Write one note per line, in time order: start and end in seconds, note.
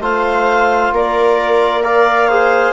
0.00 0.91 A3
0.00 1.83 F4
0.00 0.93 C5
0.00 0.94 F5
0.92 2.73 A#3
0.92 1.84 A#4
0.92 1.84 D5
1.83 2.29 A#4
1.83 2.28 D5
1.83 2.73 F5
2.28 2.73 G#4
2.28 2.73 C5